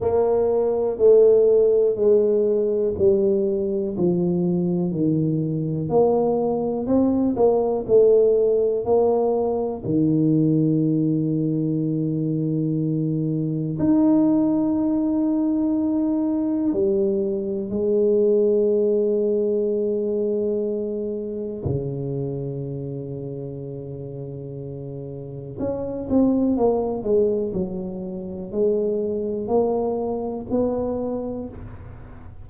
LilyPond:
\new Staff \with { instrumentName = "tuba" } { \time 4/4 \tempo 4 = 61 ais4 a4 gis4 g4 | f4 dis4 ais4 c'8 ais8 | a4 ais4 dis2~ | dis2 dis'2~ |
dis'4 g4 gis2~ | gis2 cis2~ | cis2 cis'8 c'8 ais8 gis8 | fis4 gis4 ais4 b4 | }